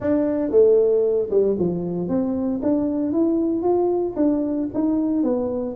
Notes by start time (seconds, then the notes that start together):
0.00 D4
0.51 A3
1.30 G3
1.58 F3
2.08 C4
2.62 D4
3.12 E4
3.62 F4
4.16 D4
4.74 D#4
5.23 B3